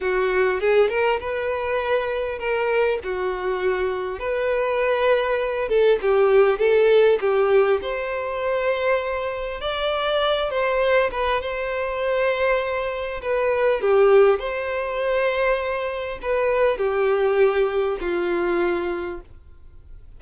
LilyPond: \new Staff \with { instrumentName = "violin" } { \time 4/4 \tempo 4 = 100 fis'4 gis'8 ais'8 b'2 | ais'4 fis'2 b'4~ | b'4. a'8 g'4 a'4 | g'4 c''2. |
d''4. c''4 b'8 c''4~ | c''2 b'4 g'4 | c''2. b'4 | g'2 f'2 | }